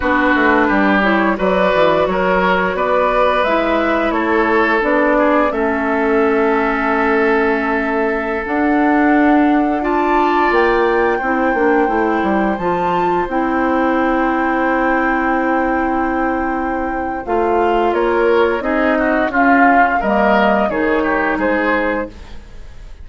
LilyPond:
<<
  \new Staff \with { instrumentName = "flute" } { \time 4/4 \tempo 4 = 87 b'4. cis''8 d''4 cis''4 | d''4 e''4 cis''4 d''4 | e''1~ | e''16 fis''2 a''4 g''8.~ |
g''2~ g''16 a''4 g''8.~ | g''1~ | g''4 f''4 cis''4 dis''4 | f''4 dis''4 cis''4 c''4 | }
  \new Staff \with { instrumentName = "oboe" } { \time 4/4 fis'4 g'4 b'4 ais'4 | b'2 a'4. gis'8 | a'1~ | a'2~ a'16 d''4.~ d''16~ |
d''16 c''2.~ c''8.~ | c''1~ | c''2 ais'4 gis'8 fis'8 | f'4 ais'4 gis'8 g'8 gis'4 | }
  \new Staff \with { instrumentName = "clarinet" } { \time 4/4 d'4. e'8 fis'2~ | fis'4 e'2 d'4 | cis'1~ | cis'16 d'2 f'4.~ f'16~ |
f'16 e'8 d'8 e'4 f'4 e'8.~ | e'1~ | e'4 f'2 dis'4 | cis'4 ais4 dis'2 | }
  \new Staff \with { instrumentName = "bassoon" } { \time 4/4 b8 a8 g4 fis8 e8 fis4 | b4 gis4 a4 b4 | a1~ | a16 d'2. ais8.~ |
ais16 c'8 ais8 a8 g8 f4 c'8.~ | c'1~ | c'4 a4 ais4 c'4 | cis'4 g4 dis4 gis4 | }
>>